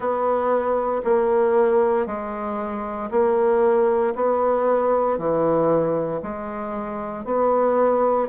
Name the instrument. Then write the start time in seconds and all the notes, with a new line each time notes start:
bassoon
0.00 B3
1.04 A#3
2.06 G#3
3.10 A#3
4.15 B3
5.17 E3
6.22 G#3
7.24 B3